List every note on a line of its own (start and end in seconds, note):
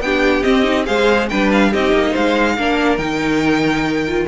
0.00 0.43 B3
0.00 0.43 D4
0.00 0.87 G4
0.00 0.42 G5
0.42 0.63 C4
0.42 0.88 C4
0.42 0.85 D#5
0.63 0.85 D#4
0.86 1.31 G#3
0.86 1.28 G#4
0.86 1.29 C5
0.86 1.28 F5
1.28 1.74 G3
1.28 1.73 D4
1.28 1.71 B4
1.28 1.50 G5
1.52 1.73 F5
1.71 1.93 C4
1.71 2.58 D#4
1.71 2.11 G4
1.71 2.15 D#5
1.93 2.14 A#3
2.11 2.58 G#3
2.11 2.54 C5
2.11 2.97 F5
2.58 2.98 A#3
2.58 2.99 D4
2.58 4.28 A#4
2.97 4.25 D#3
2.97 4.05 D#4
2.97 4.25 G5
4.07 4.28 F4